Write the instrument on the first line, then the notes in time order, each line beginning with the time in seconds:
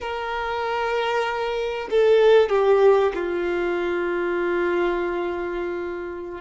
violin
0.01 A#4
1.90 A4
2.49 G4
3.14 F4